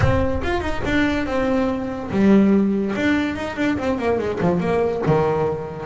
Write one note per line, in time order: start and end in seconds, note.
0.00 0.41 C4
0.43 0.60 F4
0.60 0.81 D#4
0.85 1.26 D4
1.26 2.10 C4
2.10 2.94 G3
2.95 3.35 D4
3.35 3.56 D#4
3.56 3.77 D4
3.78 3.98 C4
3.98 4.18 A#3
4.18 4.39 G#3
4.41 4.60 F3
4.60 5.02 A#3
5.06 5.86 D#3